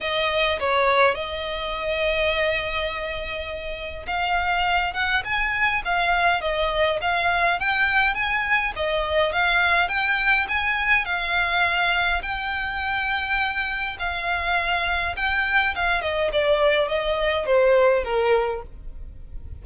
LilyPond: \new Staff \with { instrumentName = "violin" } { \time 4/4 \tempo 4 = 103 dis''4 cis''4 dis''2~ | dis''2. f''4~ | f''8 fis''8 gis''4 f''4 dis''4 | f''4 g''4 gis''4 dis''4 |
f''4 g''4 gis''4 f''4~ | f''4 g''2. | f''2 g''4 f''8 dis''8 | d''4 dis''4 c''4 ais'4 | }